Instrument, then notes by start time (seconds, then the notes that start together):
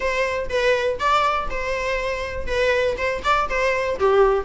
viola
0.00 C5
0.49 B4
0.99 D5
1.50 C5
2.46 B4
2.97 C5
3.24 D5
3.49 C5
3.99 G4